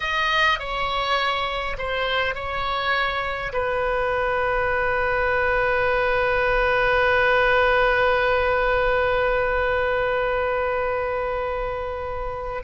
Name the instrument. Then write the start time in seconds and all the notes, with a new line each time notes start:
oboe
0.00 D#5
0.59 C#5
1.78 C5
2.34 C#5
3.53 B4